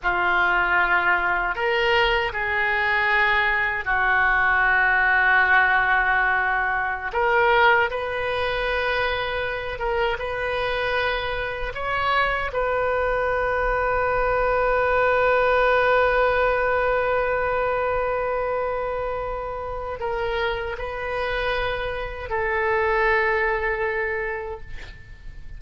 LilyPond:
\new Staff \with { instrumentName = "oboe" } { \time 4/4 \tempo 4 = 78 f'2 ais'4 gis'4~ | gis'4 fis'2.~ | fis'4~ fis'16 ais'4 b'4.~ b'16~ | b'8. ais'8 b'2 cis''8.~ |
cis''16 b'2.~ b'8.~ | b'1~ | b'2 ais'4 b'4~ | b'4 a'2. | }